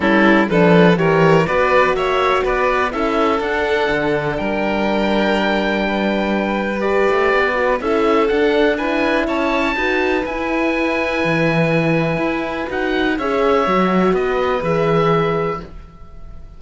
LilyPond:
<<
  \new Staff \with { instrumentName = "oboe" } { \time 4/4 \tempo 4 = 123 a'4 b'4 cis''4 d''4 | e''4 d''4 e''4 fis''4~ | fis''4 g''2.~ | g''2 d''2 |
e''4 fis''4 gis''4 a''4~ | a''4 gis''2.~ | gis''2 fis''4 e''4~ | e''4 dis''4 e''2 | }
  \new Staff \with { instrumentName = "violin" } { \time 4/4 e'4 a'4 ais'4 b'4 | cis''4 b'4 a'2~ | a'4 ais'2. | b'1 |
a'2 b'4 cis''4 | b'1~ | b'2. cis''4~ | cis''4 b'2. | }
  \new Staff \with { instrumentName = "horn" } { \time 4/4 cis'4 d'4 g'4 fis'4~ | fis'2 e'4 d'4~ | d'1~ | d'2 g'4. fis'8 |
e'4 d'4 e'2 | fis'4 e'2.~ | e'2 fis'4 gis'4 | fis'2 gis'2 | }
  \new Staff \with { instrumentName = "cello" } { \time 4/4 g4 f4 e4 b4 | ais4 b4 cis'4 d'4 | d4 g2.~ | g2~ g8 a8 b4 |
cis'4 d'2 cis'4 | dis'4 e'2 e4~ | e4 e'4 dis'4 cis'4 | fis4 b4 e2 | }
>>